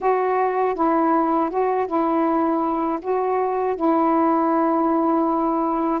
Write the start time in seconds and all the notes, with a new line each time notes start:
0.00 F#4
0.75 E4
1.50 F#4
1.86 E4
3.01 F#4
3.75 E4